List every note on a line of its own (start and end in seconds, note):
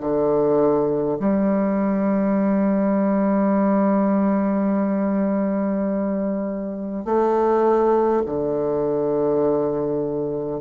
0.00 1.18 D3
1.19 7.05 G3
7.05 8.22 A3
8.25 10.60 D3